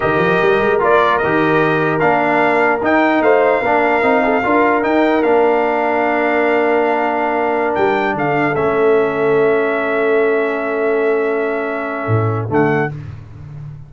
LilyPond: <<
  \new Staff \with { instrumentName = "trumpet" } { \time 4/4 \tempo 4 = 149 dis''2 d''4 dis''4~ | dis''4 f''2 g''4 | f''1 | g''4 f''2.~ |
f''2.~ f''16 g''8.~ | g''16 f''4 e''2~ e''8.~ | e''1~ | e''2. fis''4 | }
  \new Staff \with { instrumentName = "horn" } { \time 4/4 ais'1~ | ais'1 | c''4 ais'4. a'8 ais'4~ | ais'1~ |
ais'1~ | ais'16 a'2.~ a'8.~ | a'1~ | a'1 | }
  \new Staff \with { instrumentName = "trombone" } { \time 4/4 g'2 f'4 g'4~ | g'4 d'2 dis'4~ | dis'4 d'4 dis'4 f'4 | dis'4 d'2.~ |
d'1~ | d'4~ d'16 cis'2~ cis'8.~ | cis'1~ | cis'2. a4 | }
  \new Staff \with { instrumentName = "tuba" } { \time 4/4 dis8 f8 g8 gis8 ais4 dis4~ | dis4 ais2 dis'4 | a4 ais4 c'4 d'4 | dis'4 ais2.~ |
ais2.~ ais16 g8.~ | g16 d4 a2~ a8.~ | a1~ | a2 a,4 d4 | }
>>